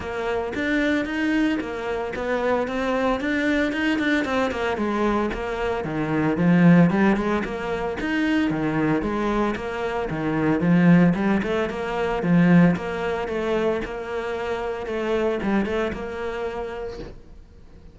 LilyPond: \new Staff \with { instrumentName = "cello" } { \time 4/4 \tempo 4 = 113 ais4 d'4 dis'4 ais4 | b4 c'4 d'4 dis'8 d'8 | c'8 ais8 gis4 ais4 dis4 | f4 g8 gis8 ais4 dis'4 |
dis4 gis4 ais4 dis4 | f4 g8 a8 ais4 f4 | ais4 a4 ais2 | a4 g8 a8 ais2 | }